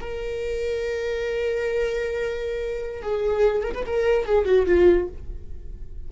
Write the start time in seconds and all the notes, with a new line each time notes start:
0.00 A#4
3.02 G#4
3.63 A#4
3.74 B4
3.86 A#4
4.25 G#4
4.45 F#4
4.66 F4